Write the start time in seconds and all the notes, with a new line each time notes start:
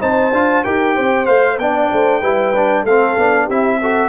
0.00 C4 D#4 C5 A5
0.32 D4 F4
0.64 D#4 G4 A#4 G5
0.95 C4 C5
1.26 A3 C5 F5
1.58 B3 D4 D5 G5
1.92 A3 C5
2.20 G3 E4 B4
2.56 D4
2.83 A3 C4 A4 F5
3.17 B3 D4
3.46 C4 E4 G4 E5
3.81 F#4 A4